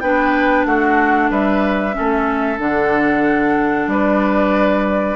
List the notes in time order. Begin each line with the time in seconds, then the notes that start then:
0.00 B3 D4 B4 G5
0.65 A3 F#4 F#5
1.30 G3 B4 E5
1.92 C#4 A4
1.99 A3
2.58 D3 D4 F#5
3.87 G3 B4 D5